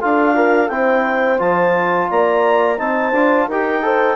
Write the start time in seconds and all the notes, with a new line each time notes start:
0.00 D4 F4 A4 F5
0.33 F4 A#4
0.69 C4 E4 C5 G5
1.39 F3 F4 A5
2.10 A#3 D5 A#5
2.78 C4 D#4 C5 A5
3.12 D4 F4
3.48 D#4 G4 A#4 G5
3.82 A4 C5